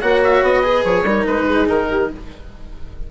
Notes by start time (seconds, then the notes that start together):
0.00 A#3 F#4 C#5 F#5
0.24 E5
0.42 B3 D#5
0.63 G#4 B4
0.84 F3 C#5
1.04 G3 D#4 A#4
1.26 G#3 B4
1.46 G#4
1.68 D#3 A#4
1.90 G4